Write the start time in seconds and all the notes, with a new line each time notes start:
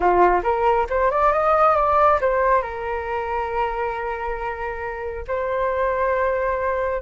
0.00 F4
0.43 A#4
0.89 C5
1.10 D5
1.33 D#5
1.76 D5
2.20 C5
2.62 A#4
5.27 C5